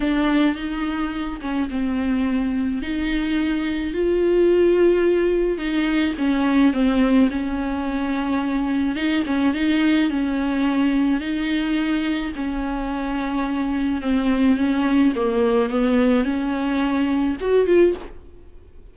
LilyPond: \new Staff \with { instrumentName = "viola" } { \time 4/4 \tempo 4 = 107 d'4 dis'4. cis'8 c'4~ | c'4 dis'2 f'4~ | f'2 dis'4 cis'4 | c'4 cis'2. |
dis'8 cis'8 dis'4 cis'2 | dis'2 cis'2~ | cis'4 c'4 cis'4 ais4 | b4 cis'2 fis'8 f'8 | }